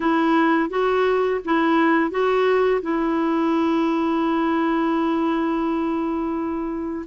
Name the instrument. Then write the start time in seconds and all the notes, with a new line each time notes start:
clarinet
0.00 E4
0.69 F#4
1.44 E4
2.10 F#4
2.82 E4